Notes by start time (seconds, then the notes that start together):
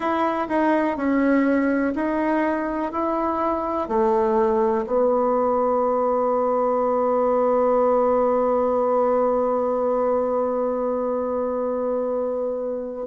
0.00 E4
0.48 D#4
0.96 C#4
1.95 D#4
2.92 E4
3.88 A3
4.86 B3